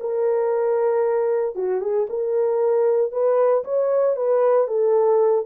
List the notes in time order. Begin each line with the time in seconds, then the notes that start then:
0.00 A#4
1.55 F#4
1.80 G#4
2.09 A#4
3.11 B4
3.64 C#5
4.16 B4
4.67 A4